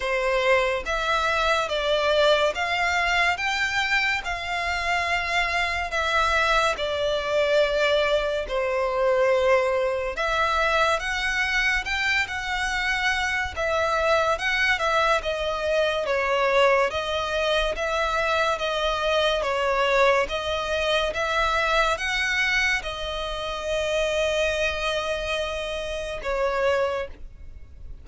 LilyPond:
\new Staff \with { instrumentName = "violin" } { \time 4/4 \tempo 4 = 71 c''4 e''4 d''4 f''4 | g''4 f''2 e''4 | d''2 c''2 | e''4 fis''4 g''8 fis''4. |
e''4 fis''8 e''8 dis''4 cis''4 | dis''4 e''4 dis''4 cis''4 | dis''4 e''4 fis''4 dis''4~ | dis''2. cis''4 | }